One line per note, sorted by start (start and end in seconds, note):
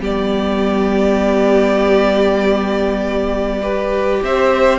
0.00 4.20 G3
0.00 3.62 B3
0.00 3.62 G4
0.00 4.24 D5
3.62 4.79 G4
3.62 4.22 B4
4.23 4.79 C4
4.23 4.79 C5
4.23 4.79 E5